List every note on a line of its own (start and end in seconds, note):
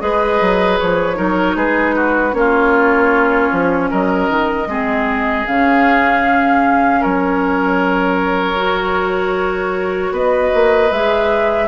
0.00 0.41 G#3
0.00 1.16 G#4
0.00 1.18 B4
0.00 0.79 D#5
0.42 0.81 F#3
0.80 1.19 F3
0.80 1.57 C#5
1.16 1.56 F#3
1.16 2.32 D#4
1.16 1.57 A#4
1.56 2.34 G#3
1.56 1.96 G#4
1.56 2.35 B4
1.96 2.35 F#4
2.32 3.51 A#3
2.32 4.66 C#4
2.32 3.91 C#5
2.39 3.91 F4
3.53 3.92 F3
3.91 4.30 F#3
3.91 4.69 A#4
3.91 5.48 D#5
4.30 4.68 D#3
4.68 5.45 G#3
4.68 5.47 C4
4.68 7.01 G#4
5.47 7.04 C#3
5.47 8.56 C#4
5.47 7.03 F5
7.01 10.12 F#3
7.01 10.13 A#4
7.01 10.15 C#5
8.56 10.90 F#4
10.12 10.51 B3
10.12 11.69 B4
10.12 10.93 D#5
10.55 10.92 A#3
10.92 11.69 G#3
10.92 11.69 G#4
10.92 11.69 E5